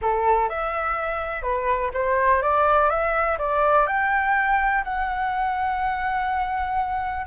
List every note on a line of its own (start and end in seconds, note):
0.01 0.49 A4
0.49 1.42 E5
1.42 1.90 B4
1.93 2.41 C5
2.41 2.89 D5
2.89 3.37 E5
3.38 3.86 D5
3.86 4.83 G5
4.84 7.26 F#5